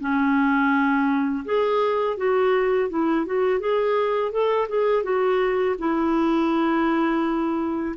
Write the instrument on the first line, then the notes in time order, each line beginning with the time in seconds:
clarinet
0.00 C#4
1.45 G#4
2.17 F#4
2.89 E4
3.26 F#4
3.60 G#4
4.32 A4
4.69 G#4
5.03 F#4
5.79 E4